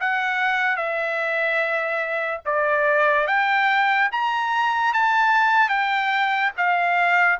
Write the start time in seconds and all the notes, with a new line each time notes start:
0.00 F#5
0.76 E5
2.45 D5
3.27 G5
4.11 A#5
4.93 A5
5.69 G5
6.57 F5